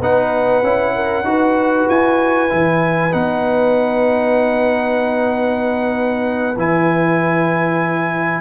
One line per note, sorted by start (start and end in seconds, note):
0.00 0.62 B3
0.00 0.63 D#4
0.00 0.94 B4
0.00 1.89 F#5
0.62 1.23 C#4
0.62 1.24 E4
0.95 1.26 A#4
1.23 1.85 D#4
1.23 2.49 F#4
1.23 8.41 B4
1.89 2.51 E4
1.89 3.13 G#5
2.49 3.13 E3
2.49 3.11 E4
3.11 6.56 B3
3.11 6.55 D#4
3.11 6.56 F#5
6.56 8.41 E3
6.56 8.41 E4
6.56 8.41 G#5